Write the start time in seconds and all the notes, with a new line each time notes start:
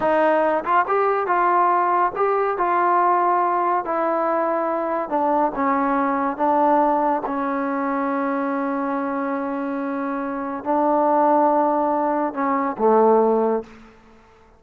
0.00 D#4
0.64 F4
0.87 G4
1.27 F4
2.16 G4
2.57 F4
3.84 E4
5.09 D4
5.55 C#4
6.36 D4
7.26 C#4
10.64 D4
12.33 C#4
12.78 A3